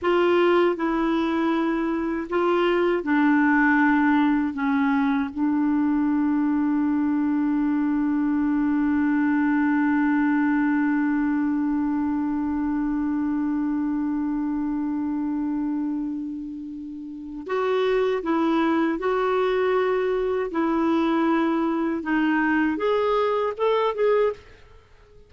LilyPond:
\new Staff \with { instrumentName = "clarinet" } { \time 4/4 \tempo 4 = 79 f'4 e'2 f'4 | d'2 cis'4 d'4~ | d'1~ | d'1~ |
d'1~ | d'2. fis'4 | e'4 fis'2 e'4~ | e'4 dis'4 gis'4 a'8 gis'8 | }